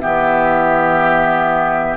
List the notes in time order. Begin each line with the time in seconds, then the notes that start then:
0.00 E3 B3 G4 E5